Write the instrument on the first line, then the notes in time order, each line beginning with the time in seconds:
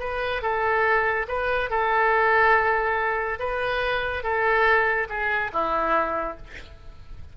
oboe
0.00 B4
0.42 A4
1.28 B4
1.70 A4
3.40 B4
4.23 A4
5.10 G#4
5.53 E4